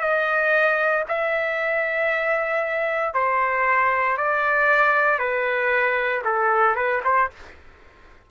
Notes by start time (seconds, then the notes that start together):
0.00 D#5
1.08 E5
3.14 C5
4.17 D5
5.19 B4
6.24 A4
6.75 B4
7.04 C5